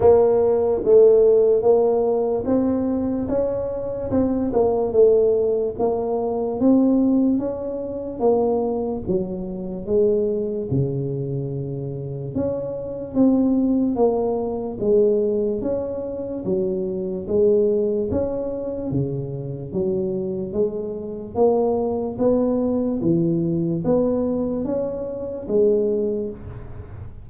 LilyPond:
\new Staff \with { instrumentName = "tuba" } { \time 4/4 \tempo 4 = 73 ais4 a4 ais4 c'4 | cis'4 c'8 ais8 a4 ais4 | c'4 cis'4 ais4 fis4 | gis4 cis2 cis'4 |
c'4 ais4 gis4 cis'4 | fis4 gis4 cis'4 cis4 | fis4 gis4 ais4 b4 | e4 b4 cis'4 gis4 | }